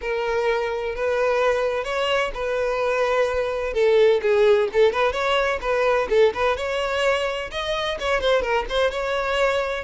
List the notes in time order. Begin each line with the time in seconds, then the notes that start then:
0.01 A#4
0.95 B4
1.84 C#5
2.34 B4
3.73 A4
4.22 G#4
4.73 A4
4.92 B4
5.12 C#5
5.61 B4
6.09 A4
6.34 B4
6.56 C#5
7.51 D#5
7.99 C#5
8.20 C5
8.41 A#4
8.69 C5
8.90 C#5